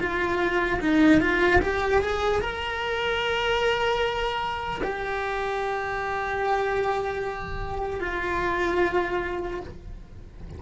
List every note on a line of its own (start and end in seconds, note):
0.00 0.80 F4
0.81 1.21 D#4
1.21 1.61 F4
1.62 2.02 G4
2.02 2.41 G#4
2.41 4.81 A#4
4.84 8.01 G4
8.01 9.61 F4